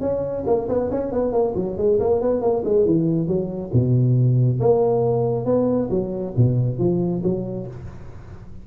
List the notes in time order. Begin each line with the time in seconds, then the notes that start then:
0.00 C#4
0.46 A#3
0.68 B3
0.91 C#4
1.12 B3
1.32 A#3
1.55 F#3
1.77 G#3
1.99 A#3
2.21 B3
2.41 A#3
2.64 G#3
2.85 E3
3.27 F#3
3.73 B2
4.60 A#3
5.45 B3
5.90 F#3
6.36 B2
6.78 F3
7.23 F#3